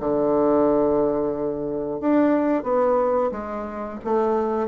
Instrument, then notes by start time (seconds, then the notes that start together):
bassoon
0.00 D3
2.00 D4
2.63 B3
3.32 G#3
4.04 A3